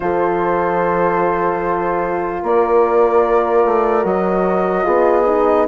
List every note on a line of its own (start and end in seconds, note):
0.00 2.42 F3
0.00 4.02 F4
0.00 2.42 A4
0.00 2.42 C5
2.42 3.64 A#3
2.42 4.84 A#4
2.42 4.05 D5
3.65 4.04 A3
4.02 4.85 F#3
4.02 4.83 F#4
4.02 5.67 D#5
4.83 5.67 B3
4.83 5.24 F4
4.83 5.66 G#4
5.27 5.67 D#4